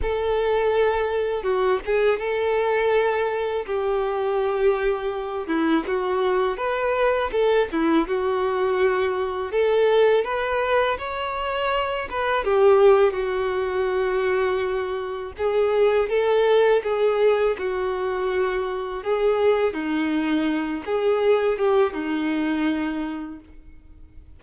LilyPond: \new Staff \with { instrumentName = "violin" } { \time 4/4 \tempo 4 = 82 a'2 fis'8 gis'8 a'4~ | a'4 g'2~ g'8 e'8 | fis'4 b'4 a'8 e'8 fis'4~ | fis'4 a'4 b'4 cis''4~ |
cis''8 b'8 g'4 fis'2~ | fis'4 gis'4 a'4 gis'4 | fis'2 gis'4 dis'4~ | dis'8 gis'4 g'8 dis'2 | }